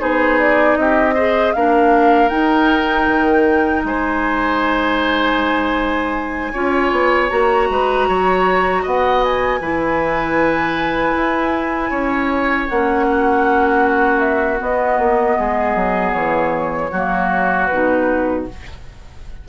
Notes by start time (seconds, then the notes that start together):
0.00 B3 D#4 G#4 C5
0.40 D5
0.77 C4 G4 D#5
1.15 G#4 C5
1.54 A#3 D4 A#4 F5
2.29 D#4 G5
3.08 D#3
3.85 G#3 C5 G#5
6.53 C#4 F4 C#5
6.92 B3
7.30 A#3 F#4 A#5
7.70 G#3 B4
8.09 F#3 C#5
8.83 B3 D#5 F#5
9.24 G#5
9.61 E3 E4 B4
11.17 E4
11.91 C#4 C#5
12.69 A#3 C#4 F#5
13.10 F#4
14.20 E5
14.58 B3 D#5
14.99 A#3
15.38 G#3 G#4
15.76 F#3
16.12 E3 C#5
16.92 F#3 A#3 F#4
17.67 B2 D#4 B4